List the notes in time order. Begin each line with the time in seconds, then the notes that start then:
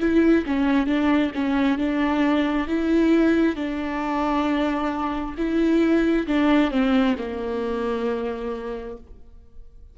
0.00 E4
0.46 C#4
0.87 D4
1.35 C#4
1.78 D4
2.67 E4
3.56 D4
5.37 E4
6.27 D4
6.71 C4
7.18 A#3